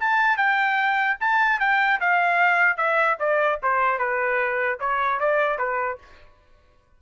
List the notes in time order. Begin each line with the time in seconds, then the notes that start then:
0.00 A5
0.37 G5
1.20 A5
1.60 G5
2.01 F5
2.77 E5
3.19 D5
3.63 C5
3.99 B4
4.80 C#5
5.20 D5
5.58 B4